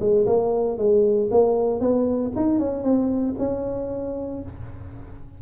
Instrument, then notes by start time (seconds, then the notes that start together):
tuba
0.00 G#3
0.26 A#3
0.78 G#3
1.31 A#3
1.80 B3
2.36 D#4
2.59 C#4
2.84 C4
3.39 C#4